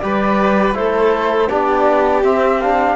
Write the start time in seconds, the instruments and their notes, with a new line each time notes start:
0.00 cello G3, trombone G4, violin B4, flute D5
0.74 cello A3, trombone E4, violin A4, flute C5
1.50 cello B3, trombone D4, violin G4, flute D5
2.23 trombone C4, cello C4, flute E5
2.61 trombone D4, flute F5